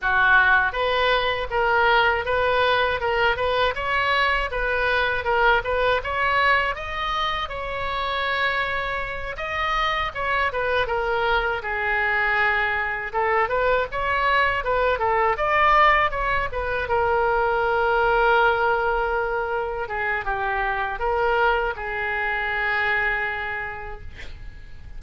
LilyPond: \new Staff \with { instrumentName = "oboe" } { \time 4/4 \tempo 4 = 80 fis'4 b'4 ais'4 b'4 | ais'8 b'8 cis''4 b'4 ais'8 b'8 | cis''4 dis''4 cis''2~ | cis''8 dis''4 cis''8 b'8 ais'4 gis'8~ |
gis'4. a'8 b'8 cis''4 b'8 | a'8 d''4 cis''8 b'8 ais'4.~ | ais'2~ ais'8 gis'8 g'4 | ais'4 gis'2. | }